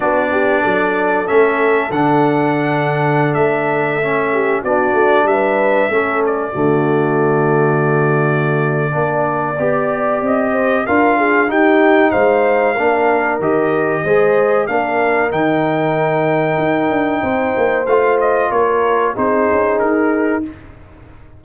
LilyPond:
<<
  \new Staff \with { instrumentName = "trumpet" } { \time 4/4 \tempo 4 = 94 d''2 e''4 fis''4~ | fis''4~ fis''16 e''2 d''8.~ | d''16 e''4. d''2~ d''16~ | d''1 |
dis''4 f''4 g''4 f''4~ | f''4 dis''2 f''4 | g''1 | f''8 dis''8 cis''4 c''4 ais'4 | }
  \new Staff \with { instrumentName = "horn" } { \time 4/4 fis'8 g'8 a'2.~ | a'2~ a'8. g'8 fis'8.~ | fis'16 b'4 a'4 fis'4.~ fis'16~ | fis'2 d''2~ |
d''8 c''8 ais'8 gis'8 g'4 c''4 | ais'2 c''4 ais'4~ | ais'2. c''4~ | c''4 ais'4 gis'2 | }
  \new Staff \with { instrumentName = "trombone" } { \time 4/4 d'2 cis'4 d'4~ | d'2~ d'16 cis'4 d'8.~ | d'4~ d'16 cis'4 a4.~ a16~ | a2 d'4 g'4~ |
g'4 f'4 dis'2 | d'4 g'4 gis'4 d'4 | dis'1 | f'2 dis'2 | }
  \new Staff \with { instrumentName = "tuba" } { \time 4/4 b4 fis4 a4 d4~ | d4~ d16 a2 b8 a16~ | a16 g4 a4 d4.~ d16~ | d2 ais4 b4 |
c'4 d'4 dis'4 gis4 | ais4 dis4 gis4 ais4 | dis2 dis'8 d'8 c'8 ais8 | a4 ais4 c'8 cis'8 dis'4 | }
>>